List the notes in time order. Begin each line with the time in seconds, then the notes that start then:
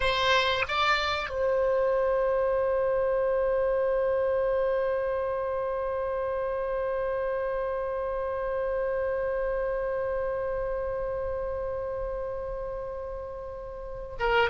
0.00 C5
0.68 D5
1.29 C5
14.19 A#4